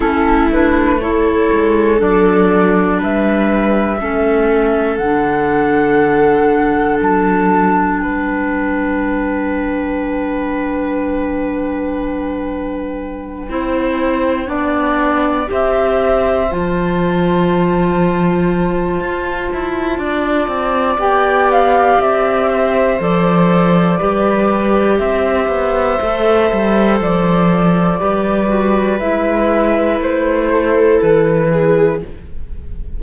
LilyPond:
<<
  \new Staff \with { instrumentName = "flute" } { \time 4/4 \tempo 4 = 60 a'8 b'8 cis''4 d''4 e''4~ | e''4 fis''2 a''4 | g''1~ | g''2.~ g''8 e''8~ |
e''8 a''2.~ a''8~ | a''4 g''8 f''8 e''4 d''4~ | d''4 e''2 d''4~ | d''4 e''4 c''4 b'4 | }
  \new Staff \with { instrumentName = "viola" } { \time 4/4 e'4 a'2 b'4 | a'1 | b'1~ | b'4. c''4 d''4 c''8~ |
c''1 | d''2~ d''8 c''4. | b'4 c''2. | b'2~ b'8 a'4 gis'8 | }
  \new Staff \with { instrumentName = "clarinet" } { \time 4/4 cis'8 d'8 e'4 d'2 | cis'4 d'2.~ | d'1~ | d'4. e'4 d'4 g'8~ |
g'8 f'2.~ f'8~ | f'4 g'2 a'4 | g'2 a'2 | g'8 fis'8 e'2. | }
  \new Staff \with { instrumentName = "cello" } { \time 4/4 a4. gis8 fis4 g4 | a4 d2 fis4 | g1~ | g4. c'4 b4 c'8~ |
c'8 f2~ f8 f'8 e'8 | d'8 c'8 b4 c'4 f4 | g4 c'8 b8 a8 g8 f4 | g4 gis4 a4 e4 | }
>>